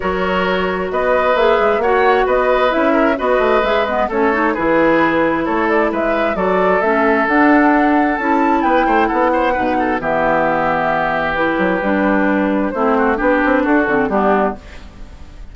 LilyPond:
<<
  \new Staff \with { instrumentName = "flute" } { \time 4/4 \tempo 4 = 132 cis''2 dis''4 e''4 | fis''4 dis''4 e''4 dis''4 | e''8 dis''8 cis''4 b'2 | cis''8 d''8 e''4 d''4 e''4 |
fis''2 a''4 g''4 | fis''2 e''2~ | e''4 b'2. | c''4 b'4 a'4 g'4 | }
  \new Staff \with { instrumentName = "oboe" } { \time 4/4 ais'2 b'2 | cis''4 b'4. ais'8 b'4~ | b'4 a'4 gis'2 | a'4 b'4 a'2~ |
a'2. b'8 c''8 | a'8 c''8 b'8 a'8 g'2~ | g'1 | e'8 fis'8 g'4 fis'4 d'4 | }
  \new Staff \with { instrumentName = "clarinet" } { \time 4/4 fis'2. gis'4 | fis'2 e'4 fis'4 | gis'8 b8 cis'8 dis'8 e'2~ | e'2 fis'4 cis'4 |
d'2 e'2~ | e'4 dis'4 b2~ | b4 e'4 d'2 | c'4 d'4. c'8 b4 | }
  \new Staff \with { instrumentName = "bassoon" } { \time 4/4 fis2 b4 ais8 gis8 | ais4 b4 cis'4 b8 a8 | gis4 a4 e2 | a4 gis4 fis4 a4 |
d'2 cis'4 b8 a8 | b4 b,4 e2~ | e4. fis8 g2 | a4 b8 c'8 d'8 d8 g4 | }
>>